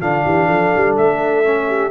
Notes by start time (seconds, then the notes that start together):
0.00 D3 D4 F4 F5
0.25 E3 G4
0.47 F3 A4
0.76 G3
0.98 A3 E5
1.44 C#4
1.68 G4